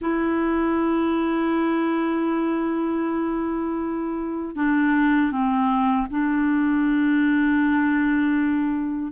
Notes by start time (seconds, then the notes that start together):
0.01 E4
4.55 D4
5.31 C4
6.10 D4